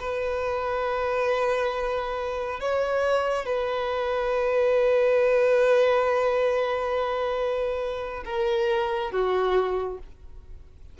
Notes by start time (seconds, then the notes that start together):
0.00 B4
2.60 C#5
3.45 B4
8.25 A#4
9.11 F#4